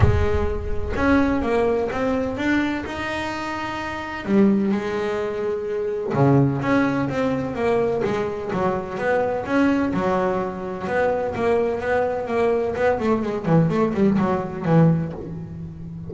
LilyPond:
\new Staff \with { instrumentName = "double bass" } { \time 4/4 \tempo 4 = 127 gis2 cis'4 ais4 | c'4 d'4 dis'2~ | dis'4 g4 gis2~ | gis4 cis4 cis'4 c'4 |
ais4 gis4 fis4 b4 | cis'4 fis2 b4 | ais4 b4 ais4 b8 a8 | gis8 e8 a8 g8 fis4 e4 | }